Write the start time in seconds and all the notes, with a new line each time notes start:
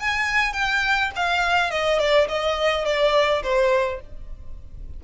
0.00 G#5
0.53 G5
1.16 F5
1.71 D#5
1.99 D5
2.29 D#5
2.85 D5
3.43 C5